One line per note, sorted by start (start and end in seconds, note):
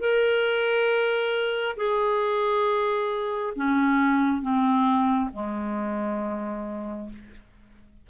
0.00 1.76 A#4
1.77 3.53 G#4
3.56 4.42 C#4
4.42 5.30 C4
5.33 7.09 G#3